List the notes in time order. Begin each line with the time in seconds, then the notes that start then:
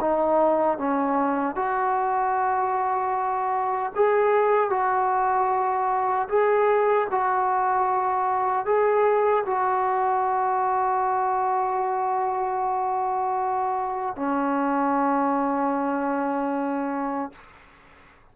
0.00 D#4
0.78 C#4
1.55 F#4
3.95 G#4
4.70 F#4
6.28 G#4
7.11 F#4
8.65 G#4
9.46 F#4
14.16 C#4